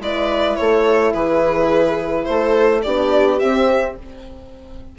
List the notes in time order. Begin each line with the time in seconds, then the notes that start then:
0.00 G#3 E4 B4 D5
0.56 A3 A4 C#5
1.13 E3 G#4 B4
2.25 A3 A4 C5
2.83 B3 D4 G4 D5
3.39 C4 E5